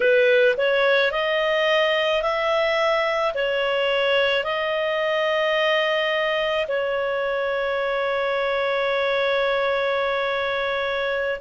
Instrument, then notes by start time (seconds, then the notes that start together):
clarinet
0.00 B4
0.57 C#5
1.11 D#5
2.22 E5
3.34 C#5
4.43 D#5
6.68 C#5